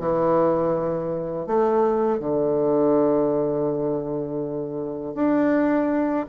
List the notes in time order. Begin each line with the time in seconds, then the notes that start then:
0.00 E3
1.47 A3
2.20 D3
5.15 D4